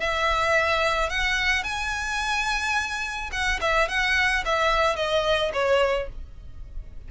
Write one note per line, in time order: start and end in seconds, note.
0.00 1.10 E5
1.10 1.64 F#5
1.64 3.30 G#5
3.32 3.60 F#5
3.61 3.88 E5
3.88 4.44 F#5
4.45 4.96 E5
4.96 5.52 D#5
5.53 6.09 C#5